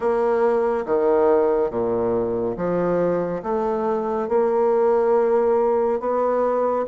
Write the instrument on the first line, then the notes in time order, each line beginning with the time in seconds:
bassoon
0.00 A#3
0.85 D#3
1.70 A#2
2.56 F3
3.42 A3
4.28 A#3
6.00 B3